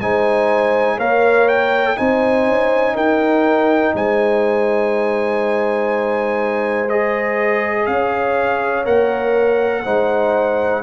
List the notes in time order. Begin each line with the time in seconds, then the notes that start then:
0.00 G#3 D#4 C5 G#5
0.97 A#3 A#4 C#5 F5
1.48 G5
1.96 C4 D#4 C5 G#5
2.46 C#4
2.95 D#4 A#4 G5
3.94 G#3 C5 G#5
6.89 G#4 D#5
7.86 C#4 C#5 F5
8.85 A#3 A#4 F#5
9.84 G#3 D#4 C5